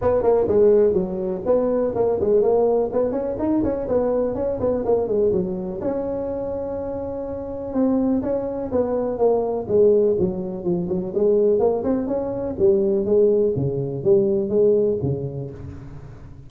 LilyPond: \new Staff \with { instrumentName = "tuba" } { \time 4/4 \tempo 4 = 124 b8 ais8 gis4 fis4 b4 | ais8 gis8 ais4 b8 cis'8 dis'8 cis'8 | b4 cis'8 b8 ais8 gis8 fis4 | cis'1 |
c'4 cis'4 b4 ais4 | gis4 fis4 f8 fis8 gis4 | ais8 c'8 cis'4 g4 gis4 | cis4 g4 gis4 cis4 | }